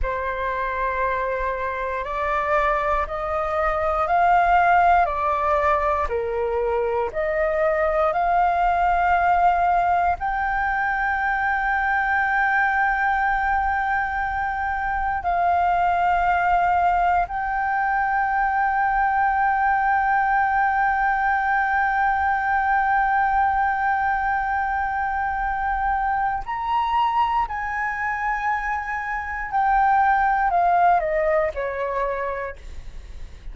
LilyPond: \new Staff \with { instrumentName = "flute" } { \time 4/4 \tempo 4 = 59 c''2 d''4 dis''4 | f''4 d''4 ais'4 dis''4 | f''2 g''2~ | g''2. f''4~ |
f''4 g''2.~ | g''1~ | g''2 ais''4 gis''4~ | gis''4 g''4 f''8 dis''8 cis''4 | }